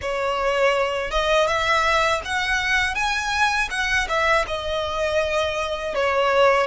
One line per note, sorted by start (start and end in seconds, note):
0.01 1.10 C#5
1.10 1.47 D#5
1.47 2.21 E5
2.25 2.94 F#5
2.94 3.68 G#5
3.70 4.07 F#5
4.08 4.45 E5
4.46 5.94 D#5
5.94 6.66 C#5